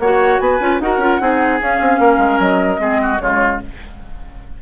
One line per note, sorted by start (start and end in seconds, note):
0.00 0.40 A#3
0.00 0.61 F#4
0.00 0.42 C#5
0.00 0.40 F#5
0.40 0.60 B3
0.40 0.82 B4
0.40 0.80 G#5
0.60 0.80 C#4
0.60 0.81 F4
0.80 0.98 D#4
0.80 1.02 F#4
0.80 1.22 A#4
0.80 1.61 F#5
0.98 1.18 C#4
0.98 1.21 F4
1.21 1.61 C4
1.21 1.60 D#4
1.21 2.01 G#4
1.60 2.79 C#4
1.60 1.81 C#4
1.60 2.41 F5
1.81 1.99 C4
1.99 2.18 A#3
1.99 2.81 A#4
2.18 2.38 G#3
2.40 2.79 F#3
2.40 3.20 D#5
2.79 3.19 G#3
2.79 3.19 C4
2.79 3.01 G#4
3.02 3.22 F#4
3.20 3.62 C#3
3.20 3.62 G#3
3.20 3.62 F4
3.20 3.60 C#5